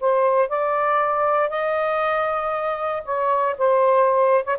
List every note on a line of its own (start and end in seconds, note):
0.00 0.48 C5
0.48 1.49 D5
1.49 3.03 D#5
3.05 3.56 C#5
3.58 4.44 C5
4.44 4.57 C#5